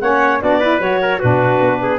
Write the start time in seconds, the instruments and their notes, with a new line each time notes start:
0.00 tuba A#3, saxophone C#4, trumpet C#5, clarinet F#5
0.41 tuba B3, saxophone D4, trumpet F#4, clarinet D5
0.59 saxophone E4, trumpet B4
0.79 tuba F#3, saxophone F#4, clarinet C#5
1.02 trumpet A#4
1.19 tuba B2, saxophone D4, trumpet F#4, clarinet B4
1.60 tuba B3
1.82 trumpet G#4